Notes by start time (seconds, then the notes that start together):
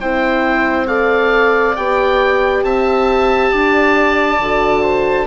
0.00 C4 E4 C5 G5
0.87 A4 D5 F5
1.75 B3 G4 G5
2.63 C4 E5 A5
3.51 D4 D5
4.39 D3 F#4
4.82 C5